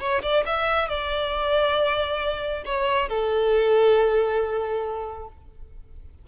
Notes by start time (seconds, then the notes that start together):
0.00 C#5
0.22 D5
0.46 E5
0.89 D5
2.65 C#5
3.09 A4